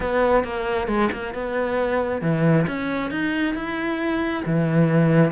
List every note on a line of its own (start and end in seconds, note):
0.00 0.43 B3
0.43 0.87 A#3
0.87 1.09 G#3
1.12 1.34 A#3
1.34 2.21 B3
2.21 2.66 E3
2.67 3.11 C#4
3.11 3.54 D#4
3.54 4.43 E4
4.45 5.31 E3